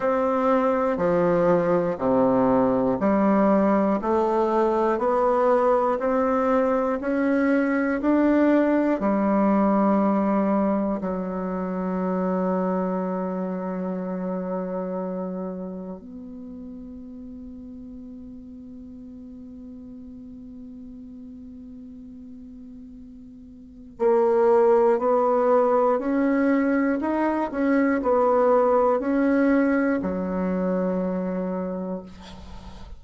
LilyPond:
\new Staff \with { instrumentName = "bassoon" } { \time 4/4 \tempo 4 = 60 c'4 f4 c4 g4 | a4 b4 c'4 cis'4 | d'4 g2 fis4~ | fis1 |
b1~ | b1 | ais4 b4 cis'4 dis'8 cis'8 | b4 cis'4 fis2 | }